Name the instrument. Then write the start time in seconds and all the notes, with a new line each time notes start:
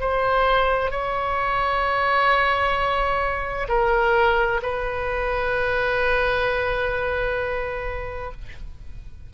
oboe
0.00 C5
0.91 C#5
3.69 A#4
4.62 B4